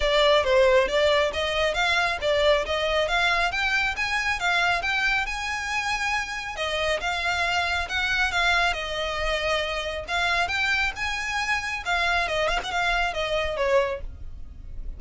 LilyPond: \new Staff \with { instrumentName = "violin" } { \time 4/4 \tempo 4 = 137 d''4 c''4 d''4 dis''4 | f''4 d''4 dis''4 f''4 | g''4 gis''4 f''4 g''4 | gis''2. dis''4 |
f''2 fis''4 f''4 | dis''2. f''4 | g''4 gis''2 f''4 | dis''8 f''16 fis''16 f''4 dis''4 cis''4 | }